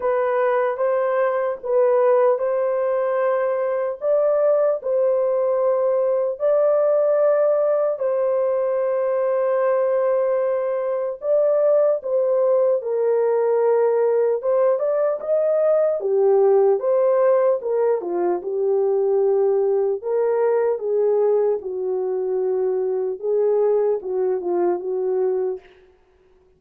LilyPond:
\new Staff \with { instrumentName = "horn" } { \time 4/4 \tempo 4 = 75 b'4 c''4 b'4 c''4~ | c''4 d''4 c''2 | d''2 c''2~ | c''2 d''4 c''4 |
ais'2 c''8 d''8 dis''4 | g'4 c''4 ais'8 f'8 g'4~ | g'4 ais'4 gis'4 fis'4~ | fis'4 gis'4 fis'8 f'8 fis'4 | }